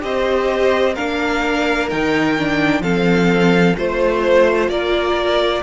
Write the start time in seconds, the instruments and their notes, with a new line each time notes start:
0.00 cello C4, viola G4, violin C5 D#5
0.94 cello A#3, viola D4, violin A#4 F5
1.90 cello D#3, viola D#4, violin G5
2.38 viola D4
2.80 cello F3, viola C4, violin A4 F5
3.76 cello A3, viola F4, violin C5
4.68 cello A#3, violin A#4 D5